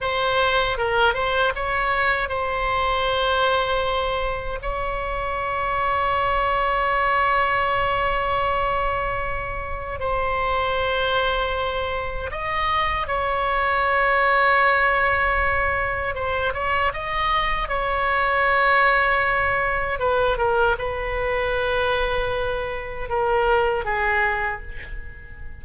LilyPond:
\new Staff \with { instrumentName = "oboe" } { \time 4/4 \tempo 4 = 78 c''4 ais'8 c''8 cis''4 c''4~ | c''2 cis''2~ | cis''1~ | cis''4 c''2. |
dis''4 cis''2.~ | cis''4 c''8 cis''8 dis''4 cis''4~ | cis''2 b'8 ais'8 b'4~ | b'2 ais'4 gis'4 | }